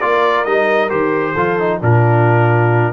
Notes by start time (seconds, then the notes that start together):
0.00 A#3 F4 A#4 D5
0.44 G3 D#4 D#5
0.89 D#3 G4 C5
1.33 F3 F4 A4
1.59 D#4
1.81 A#2 D4 F4 A#4